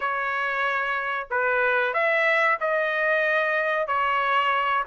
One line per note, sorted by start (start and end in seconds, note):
0.00 1.27 C#5
1.30 1.93 B4
1.93 2.58 E5
2.60 3.87 D#5
3.87 4.84 C#5